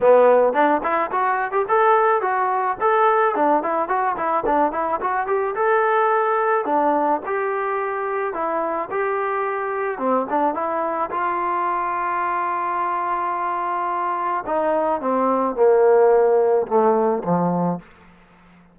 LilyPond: \new Staff \with { instrumentName = "trombone" } { \time 4/4 \tempo 4 = 108 b4 d'8 e'8 fis'8. g'16 a'4 | fis'4 a'4 d'8 e'8 fis'8 e'8 | d'8 e'8 fis'8 g'8 a'2 | d'4 g'2 e'4 |
g'2 c'8 d'8 e'4 | f'1~ | f'2 dis'4 c'4 | ais2 a4 f4 | }